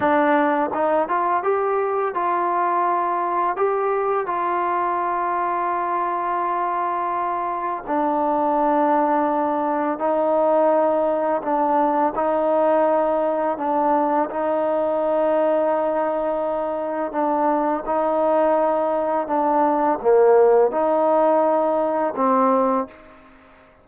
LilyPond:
\new Staff \with { instrumentName = "trombone" } { \time 4/4 \tempo 4 = 84 d'4 dis'8 f'8 g'4 f'4~ | f'4 g'4 f'2~ | f'2. d'4~ | d'2 dis'2 |
d'4 dis'2 d'4 | dis'1 | d'4 dis'2 d'4 | ais4 dis'2 c'4 | }